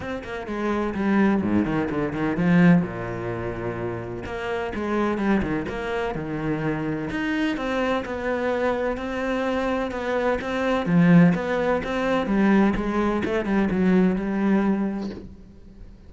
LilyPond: \new Staff \with { instrumentName = "cello" } { \time 4/4 \tempo 4 = 127 c'8 ais8 gis4 g4 gis,8 dis8 | d8 dis8 f4 ais,2~ | ais,4 ais4 gis4 g8 dis8 | ais4 dis2 dis'4 |
c'4 b2 c'4~ | c'4 b4 c'4 f4 | b4 c'4 g4 gis4 | a8 g8 fis4 g2 | }